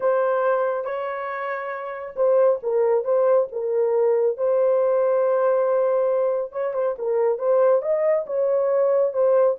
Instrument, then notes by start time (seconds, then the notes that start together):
horn
0.00 C5
0.84 C#5
2.16 C5
2.62 A#4
3.04 C5
3.52 A#4
4.37 C5
6.52 C#5
6.73 C5
6.98 A#4
7.38 C5
7.82 D#5
8.26 C#5
9.13 C5